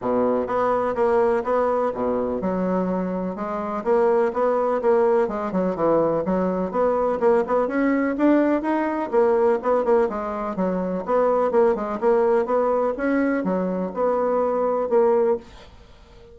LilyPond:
\new Staff \with { instrumentName = "bassoon" } { \time 4/4 \tempo 4 = 125 b,4 b4 ais4 b4 | b,4 fis2 gis4 | ais4 b4 ais4 gis8 fis8 | e4 fis4 b4 ais8 b8 |
cis'4 d'4 dis'4 ais4 | b8 ais8 gis4 fis4 b4 | ais8 gis8 ais4 b4 cis'4 | fis4 b2 ais4 | }